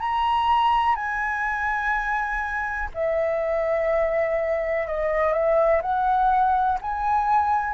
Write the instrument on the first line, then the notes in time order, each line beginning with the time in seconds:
flute
0.00 A#5
0.95 G#5
2.94 E5
4.87 D#5
5.34 E5
5.82 F#5
6.81 G#5